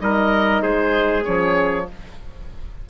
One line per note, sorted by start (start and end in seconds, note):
0.00 0.62 G3
0.00 1.24 D#4
0.00 0.62 A#4
0.00 0.62 D#5
0.62 1.25 G#3
0.62 1.86 G#4
0.62 1.24 C5
1.24 1.89 F3
1.24 1.87 C#4
1.24 1.86 C#5